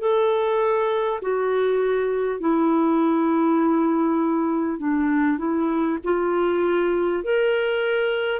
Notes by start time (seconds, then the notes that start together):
0.00 A4
1.22 F#4
2.40 E4
4.78 D4
5.38 E4
6.04 F4
7.24 A#4